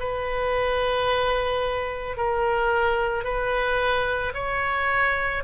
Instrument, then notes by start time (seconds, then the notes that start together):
oboe
0.00 B4
2.17 A#4
3.24 B4
4.34 C#5